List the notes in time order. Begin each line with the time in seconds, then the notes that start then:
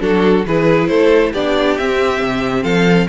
0.00 F#3 D4 F#4 A4
0.46 E3 E4 G#4 B4
0.88 A3 A4 C5
1.33 B3 D4 G4 D5
1.77 C4 E5
2.21 C3
2.63 F3 A4 F5